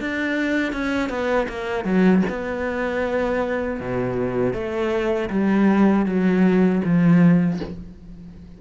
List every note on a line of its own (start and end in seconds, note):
0.00 0.72 D4
0.72 1.09 C#4
1.09 1.47 B3
1.48 1.85 A#3
1.85 2.23 F#3
2.30 3.80 B3
3.80 4.54 B2
4.54 5.30 A3
5.30 6.06 G3
6.06 6.82 F#3
6.84 7.60 F3